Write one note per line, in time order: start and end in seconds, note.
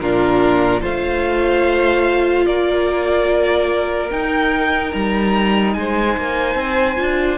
0.00 0.83 A#2
0.00 0.82 D4
0.00 0.81 F4
0.00 0.82 A#4
0.81 2.47 A3
0.81 4.10 F4
0.81 2.46 C5
0.81 2.46 F5
2.46 4.11 A#3
2.46 5.76 A#4
2.46 4.11 D5
4.11 4.93 D#4
4.11 6.97 D#4
4.11 4.92 G5
4.92 5.76 G3
4.92 5.74 A#5
5.74 6.17 G#3
5.74 7.39 C5
5.74 7.38 G#5
6.17 6.56 A#3
6.56 6.97 C4
6.97 7.39 D4
6.97 7.38 F4